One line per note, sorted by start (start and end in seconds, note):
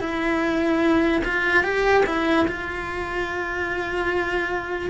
0.00 1.22 E4
1.25 1.63 F4
1.63 2.04 G4
2.06 2.46 E4
2.48 4.90 F4